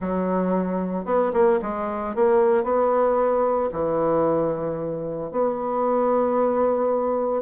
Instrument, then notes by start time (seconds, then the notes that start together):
bassoon
0.00 F#3
1.05 B3
1.33 A#3
1.61 G#3
2.15 A#3
2.63 B3
3.72 E3
5.31 B3